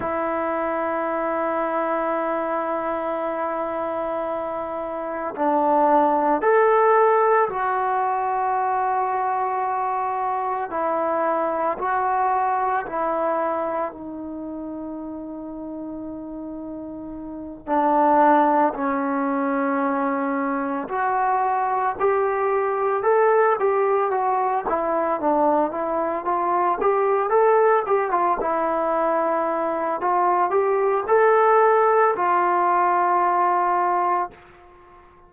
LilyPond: \new Staff \with { instrumentName = "trombone" } { \time 4/4 \tempo 4 = 56 e'1~ | e'4 d'4 a'4 fis'4~ | fis'2 e'4 fis'4 | e'4 dis'2.~ |
dis'8 d'4 cis'2 fis'8~ | fis'8 g'4 a'8 g'8 fis'8 e'8 d'8 | e'8 f'8 g'8 a'8 g'16 f'16 e'4. | f'8 g'8 a'4 f'2 | }